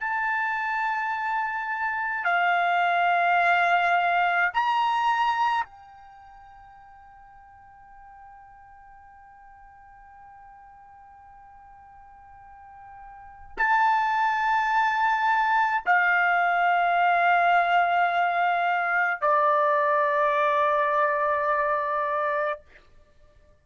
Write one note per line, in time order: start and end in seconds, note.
0.00 2.25 A5
2.25 4.51 F5
4.54 5.64 A#5
5.64 13.57 G5
13.57 15.84 A5
15.85 19.21 F5
19.21 22.61 D5